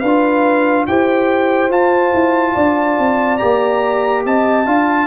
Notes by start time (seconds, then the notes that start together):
0.00 D4 F4 B4 F5
0.87 E4 G4 C5 G5
1.70 F4 A5
2.14 E4
2.54 D4 D5
2.99 C4
3.38 A#3 G4 A#5
4.25 C4 D#5 A5
4.66 D4 F4 F5